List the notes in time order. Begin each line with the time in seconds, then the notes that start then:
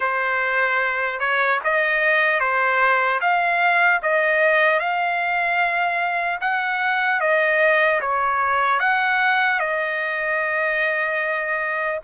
0.00 C5
1.19 C#5
1.64 D#5
2.40 C5
3.20 F5
4.02 D#5
4.79 F5
6.40 F#5
7.20 D#5
8.00 C#5
8.79 F#5
9.59 D#5